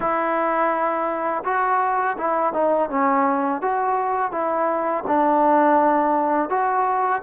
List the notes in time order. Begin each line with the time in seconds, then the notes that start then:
0.00 E4
1.44 F#4
2.17 E4
2.53 D#4
2.89 C#4
3.61 F#4
4.31 E4
5.07 D4
6.49 F#4